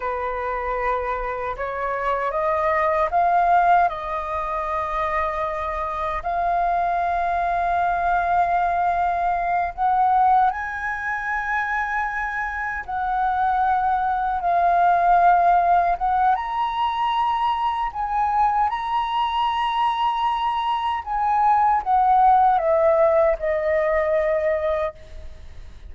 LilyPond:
\new Staff \with { instrumentName = "flute" } { \time 4/4 \tempo 4 = 77 b'2 cis''4 dis''4 | f''4 dis''2. | f''1~ | f''8 fis''4 gis''2~ gis''8~ |
gis''8 fis''2 f''4.~ | f''8 fis''8 ais''2 gis''4 | ais''2. gis''4 | fis''4 e''4 dis''2 | }